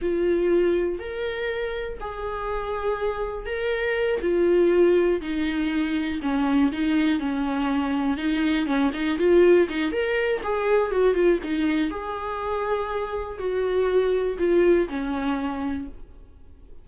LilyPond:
\new Staff \with { instrumentName = "viola" } { \time 4/4 \tempo 4 = 121 f'2 ais'2 | gis'2. ais'4~ | ais'8 f'2 dis'4.~ | dis'8 cis'4 dis'4 cis'4.~ |
cis'8 dis'4 cis'8 dis'8 f'4 dis'8 | ais'4 gis'4 fis'8 f'8 dis'4 | gis'2. fis'4~ | fis'4 f'4 cis'2 | }